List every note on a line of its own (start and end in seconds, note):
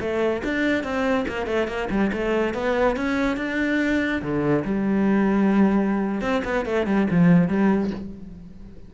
0.00 0.42 A3
0.44 0.83 D4
0.83 1.25 C4
1.28 1.46 A#3
1.46 1.67 A3
1.67 1.88 A#3
1.90 2.11 G3
2.12 2.54 A3
2.54 2.96 B3
2.96 3.37 C#4
3.37 4.21 D4
4.22 4.64 D3
4.64 6.21 G3
6.21 6.42 C4
6.44 6.65 B3
6.65 6.86 A3
6.86 7.07 G3
7.10 7.48 F3
7.48 7.90 G3